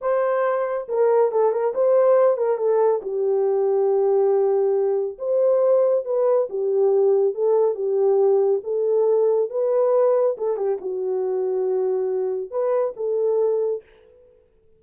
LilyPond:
\new Staff \with { instrumentName = "horn" } { \time 4/4 \tempo 4 = 139 c''2 ais'4 a'8 ais'8 | c''4. ais'8 a'4 g'4~ | g'1 | c''2 b'4 g'4~ |
g'4 a'4 g'2 | a'2 b'2 | a'8 g'8 fis'2.~ | fis'4 b'4 a'2 | }